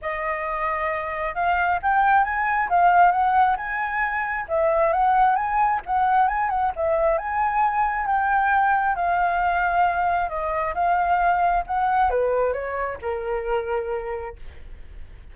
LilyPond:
\new Staff \with { instrumentName = "flute" } { \time 4/4 \tempo 4 = 134 dis''2. f''4 | g''4 gis''4 f''4 fis''4 | gis''2 e''4 fis''4 | gis''4 fis''4 gis''8 fis''8 e''4 |
gis''2 g''2 | f''2. dis''4 | f''2 fis''4 b'4 | cis''4 ais'2. | }